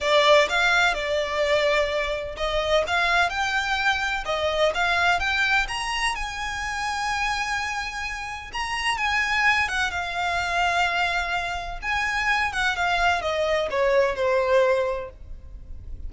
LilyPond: \new Staff \with { instrumentName = "violin" } { \time 4/4 \tempo 4 = 127 d''4 f''4 d''2~ | d''4 dis''4 f''4 g''4~ | g''4 dis''4 f''4 g''4 | ais''4 gis''2.~ |
gis''2 ais''4 gis''4~ | gis''8 fis''8 f''2.~ | f''4 gis''4. fis''8 f''4 | dis''4 cis''4 c''2 | }